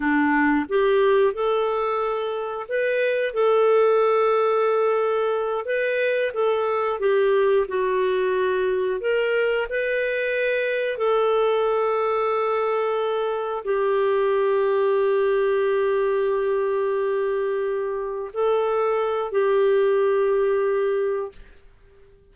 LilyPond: \new Staff \with { instrumentName = "clarinet" } { \time 4/4 \tempo 4 = 90 d'4 g'4 a'2 | b'4 a'2.~ | a'8 b'4 a'4 g'4 fis'8~ | fis'4. ais'4 b'4.~ |
b'8 a'2.~ a'8~ | a'8 g'2.~ g'8~ | g'2.~ g'8 a'8~ | a'4 g'2. | }